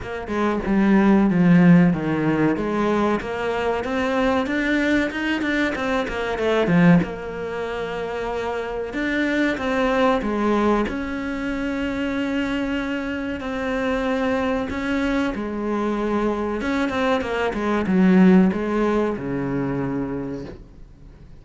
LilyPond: \new Staff \with { instrumentName = "cello" } { \time 4/4 \tempo 4 = 94 ais8 gis8 g4 f4 dis4 | gis4 ais4 c'4 d'4 | dis'8 d'8 c'8 ais8 a8 f8 ais4~ | ais2 d'4 c'4 |
gis4 cis'2.~ | cis'4 c'2 cis'4 | gis2 cis'8 c'8 ais8 gis8 | fis4 gis4 cis2 | }